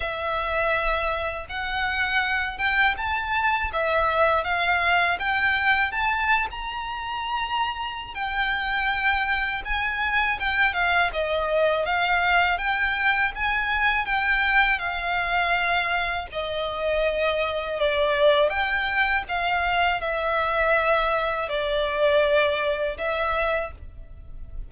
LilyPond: \new Staff \with { instrumentName = "violin" } { \time 4/4 \tempo 4 = 81 e''2 fis''4. g''8 | a''4 e''4 f''4 g''4 | a''8. ais''2~ ais''16 g''4~ | g''4 gis''4 g''8 f''8 dis''4 |
f''4 g''4 gis''4 g''4 | f''2 dis''2 | d''4 g''4 f''4 e''4~ | e''4 d''2 e''4 | }